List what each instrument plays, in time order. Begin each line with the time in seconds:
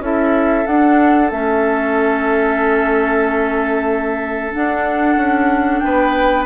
0.00 bassoon C#4, clarinet E4, oboe A4, flute E5
0.66 clarinet D4, bassoon D4, flute F#5
1.31 bassoon A3, clarinet C#4, flute E5
4.53 clarinet D4, bassoon D4, flute F#5
5.17 bassoon C#4
5.80 bassoon B3, oboe B4, flute G5